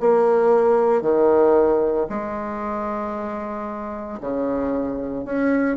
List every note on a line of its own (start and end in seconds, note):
0.00 1.01 A#3
1.01 2.07 D#3
2.09 4.20 G#3
4.21 5.25 C#3
5.25 5.77 C#4